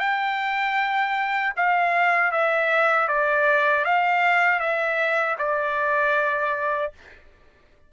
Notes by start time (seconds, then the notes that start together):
0.00 G5
1.57 F5
2.32 E5
3.08 D5
3.85 F5
4.60 E5
5.39 D5